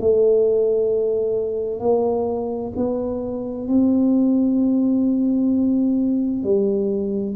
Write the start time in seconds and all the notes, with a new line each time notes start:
0.00 A3
1.80 A#3
2.76 B3
3.68 C4
6.43 G3